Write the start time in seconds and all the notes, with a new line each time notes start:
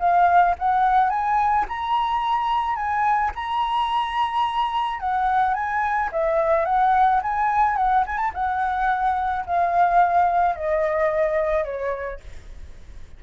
0.00 F5
0.59 F#5
1.10 G#5
1.68 A#5
2.76 G#5
3.35 A#5
5.00 F#5
5.54 G#5
6.12 E5
6.66 F#5
7.23 G#5
7.77 F#5
8.07 G#5
8.18 A5
8.34 F#5
9.46 F5
10.56 D#5
11.65 C#5